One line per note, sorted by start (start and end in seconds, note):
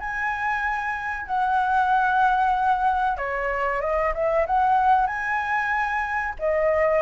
0.00 1.26 G#5
1.26 3.17 F#5
3.17 3.81 C#5
3.81 4.13 D#5
4.14 4.46 E5
4.47 5.07 F#5
5.07 6.34 G#5
6.39 7.02 D#5